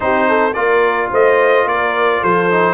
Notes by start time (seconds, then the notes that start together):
0.00 C4 D#4 G4 C5
0.28 A4
0.53 A#3 F4 A#4 D5
1.10 A3 C5 D#5
1.65 A#3 A#4 D5
2.21 F3 A4 C5
2.50 D#4